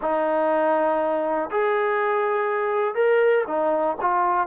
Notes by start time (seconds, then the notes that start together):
0.01 D#4
1.50 G#4
2.94 A#4
3.47 D#4
4.01 F4